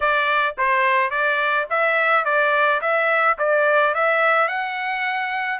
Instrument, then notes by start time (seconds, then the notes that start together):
trumpet
0.00 D5
0.57 C5
1.10 D5
1.70 E5
2.24 D5
2.81 E5
3.38 D5
3.94 E5
4.48 F#5